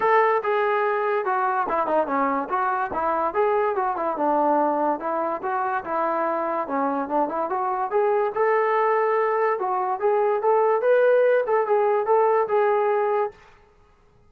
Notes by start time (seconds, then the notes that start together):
0.00 A4
0.43 G#4
1.25 F#4
1.68 E4
1.87 D#4
2.06 C#4
2.49 F#4
2.93 E4
3.34 G#4
3.75 F#4
3.96 E4
4.16 D4
4.99 E4
5.42 F#4
5.84 E4
6.67 C#4
7.08 D4
7.28 E4
7.49 F#4
7.90 G#4
8.34 A4
9.59 F#4
10.00 G#4
10.42 A4
10.81 B4
11.46 A4
11.66 G#4
12.06 A4
12.48 G#4